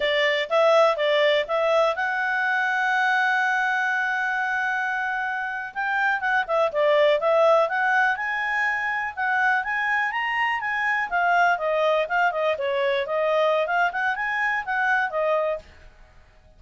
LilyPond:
\new Staff \with { instrumentName = "clarinet" } { \time 4/4 \tempo 4 = 123 d''4 e''4 d''4 e''4 | fis''1~ | fis''2.~ fis''8. g''16~ | g''8. fis''8 e''8 d''4 e''4 fis''16~ |
fis''8. gis''2 fis''4 gis''16~ | gis''8. ais''4 gis''4 f''4 dis''16~ | dis''8. f''8 dis''8 cis''4 dis''4~ dis''16 | f''8 fis''8 gis''4 fis''4 dis''4 | }